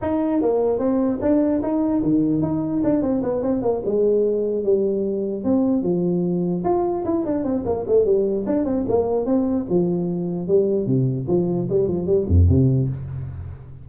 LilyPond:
\new Staff \with { instrumentName = "tuba" } { \time 4/4 \tempo 4 = 149 dis'4 ais4 c'4 d'4 | dis'4 dis4 dis'4 d'8 c'8 | b8 c'8 ais8 gis2 g8~ | g4. c'4 f4.~ |
f8 f'4 e'8 d'8 c'8 ais8 a8 | g4 d'8 c'8 ais4 c'4 | f2 g4 c4 | f4 g8 f8 g8 f,8 c4 | }